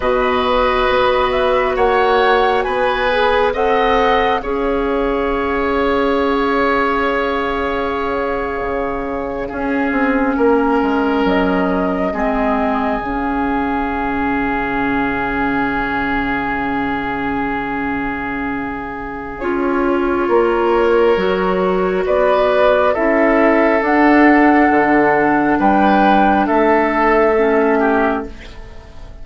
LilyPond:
<<
  \new Staff \with { instrumentName = "flute" } { \time 4/4 \tempo 4 = 68 dis''4. e''8 fis''4 gis''4 | fis''4 f''2.~ | f''1~ | f''8. dis''2 f''4~ f''16~ |
f''1~ | f''2 cis''2~ | cis''4 d''4 e''4 fis''4~ | fis''4 g''4 e''2 | }
  \new Staff \with { instrumentName = "oboe" } { \time 4/4 b'2 cis''4 b'4 | dis''4 cis''2.~ | cis''2~ cis''8. gis'4 ais'16~ | ais'4.~ ais'16 gis'2~ gis'16~ |
gis'1~ | gis'2. ais'4~ | ais'4 b'4 a'2~ | a'4 b'4 a'4. g'8 | }
  \new Staff \with { instrumentName = "clarinet" } { \time 4/4 fis'2.~ fis'8 gis'8 | a'4 gis'2.~ | gis'2~ gis'8. cis'4~ cis'16~ | cis'4.~ cis'16 c'4 cis'4~ cis'16~ |
cis'1~ | cis'2 f'2 | fis'2 e'4 d'4~ | d'2. cis'4 | }
  \new Staff \with { instrumentName = "bassoon" } { \time 4/4 b,4 b4 ais4 b4 | c'4 cis'2.~ | cis'4.~ cis'16 cis4 cis'8 c'8 ais16~ | ais16 gis8 fis4 gis4 cis4~ cis16~ |
cis1~ | cis2 cis'4 ais4 | fis4 b4 cis'4 d'4 | d4 g4 a2 | }
>>